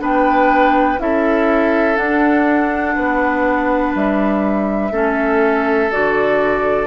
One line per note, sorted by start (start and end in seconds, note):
0.00 0.99 B3
0.00 0.98 D4
0.00 1.00 B4
0.00 1.01 G5
0.99 1.98 C#4
0.99 1.96 E4
0.99 2.96 A4
0.99 1.97 E5
1.96 4.91 D4
1.96 2.96 D4
1.96 3.94 F#5
2.96 3.95 B3
2.96 4.92 B4
3.95 4.91 G3
3.95 5.92 E5
4.91 5.90 A3
4.91 5.91 C#4
4.91 6.87 A4
5.92 6.87 D3
5.92 6.87 F#4
5.92 6.87 D5